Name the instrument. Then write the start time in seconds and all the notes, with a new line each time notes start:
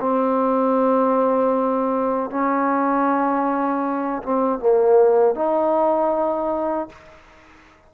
trombone
0.00 C4
2.30 C#4
4.23 C4
4.59 A#3
5.35 D#4